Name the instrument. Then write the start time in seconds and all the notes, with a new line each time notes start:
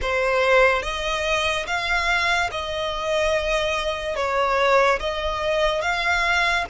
violin
0.01 C5
0.82 D#5
1.66 F5
2.51 D#5
4.16 C#5
4.99 D#5
5.81 F5